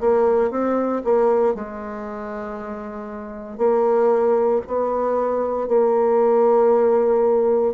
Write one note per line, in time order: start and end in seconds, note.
0.00 0.50 A#3
0.50 1.02 C4
1.03 1.54 A#3
1.54 3.57 G#3
3.57 4.61 A#3
4.66 5.68 B3
5.68 7.74 A#3